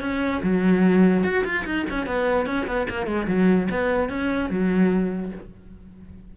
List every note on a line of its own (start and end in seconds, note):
0.00 0.41 C#4
0.42 1.23 F#3
1.23 1.44 F#4
1.44 1.65 F4
1.65 1.85 D#4
1.90 2.06 C#4
2.06 2.45 B3
2.45 2.66 C#4
2.66 2.87 B3
2.89 3.06 A#3
3.06 3.26 G#3
3.27 3.68 F#3
3.71 4.09 B3
4.09 4.50 C#4
4.50 5.31 F#3